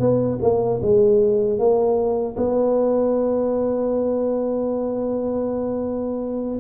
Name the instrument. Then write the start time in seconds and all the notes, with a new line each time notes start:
tuba
0.00 B3
0.42 A#3
0.82 G#3
1.59 A#3
2.37 B3